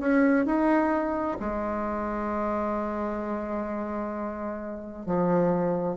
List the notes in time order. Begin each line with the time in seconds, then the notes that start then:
0.00 C#4
0.46 D#4
1.41 G#3
5.06 F3